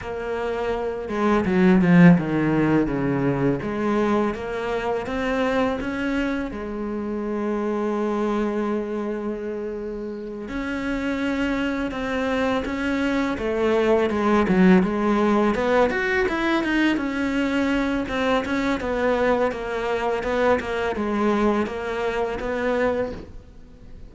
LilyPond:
\new Staff \with { instrumentName = "cello" } { \time 4/4 \tempo 4 = 83 ais4. gis8 fis8 f8 dis4 | cis4 gis4 ais4 c'4 | cis'4 gis2.~ | gis2~ gis8 cis'4.~ |
cis'8 c'4 cis'4 a4 gis8 | fis8 gis4 b8 fis'8 e'8 dis'8 cis'8~ | cis'4 c'8 cis'8 b4 ais4 | b8 ais8 gis4 ais4 b4 | }